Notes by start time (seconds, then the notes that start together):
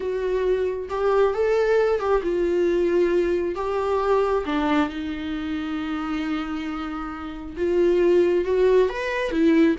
0.00 F#4
0.89 G4
1.33 A4
1.99 G4
2.22 F4
3.55 G4
4.45 D4
4.89 D#4
7.56 F4
8.44 F#4
8.89 B4
9.31 E4